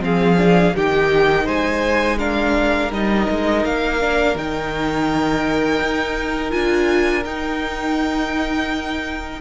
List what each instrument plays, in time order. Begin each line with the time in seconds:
0.00 cello F3, viola C4, violin G#4 F5
0.37 viola D4
0.76 cello D#3, viola D#4, violin G4 G5
1.45 cello G#3, violin C5 G#5
2.18 viola D4, violin A#4 F5
2.90 cello G3, viola D#4, violin D#5
3.30 cello G#3
3.64 cello A#3, violin F5
4.00 viola D4
4.35 cello D#3, viola D#4, violin G5
5.81 cello D#4
6.50 cello D4, viola F4, violin G#5
7.24 cello D#4, viola D#4, violin G5